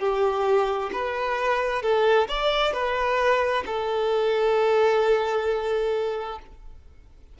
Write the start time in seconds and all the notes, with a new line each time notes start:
0.00 G4
0.93 B4
1.83 A4
2.29 D5
2.73 B4
3.67 A4